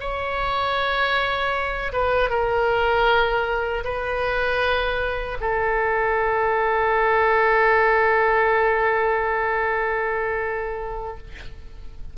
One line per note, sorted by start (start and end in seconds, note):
0.00 1.92 C#5
1.93 2.30 B4
2.30 3.84 A#4
3.84 5.38 B4
5.41 11.17 A4